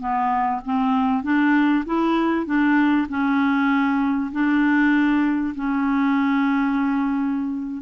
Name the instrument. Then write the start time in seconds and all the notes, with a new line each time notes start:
clarinet
0.00 B3
0.65 C4
1.24 D4
1.86 E4
2.46 D4
3.09 C#4
4.32 D4
5.56 C#4